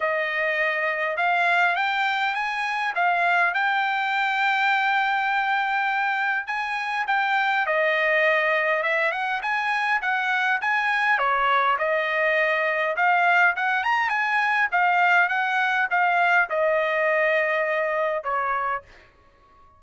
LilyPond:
\new Staff \with { instrumentName = "trumpet" } { \time 4/4 \tempo 4 = 102 dis''2 f''4 g''4 | gis''4 f''4 g''2~ | g''2. gis''4 | g''4 dis''2 e''8 fis''8 |
gis''4 fis''4 gis''4 cis''4 | dis''2 f''4 fis''8 ais''8 | gis''4 f''4 fis''4 f''4 | dis''2. cis''4 | }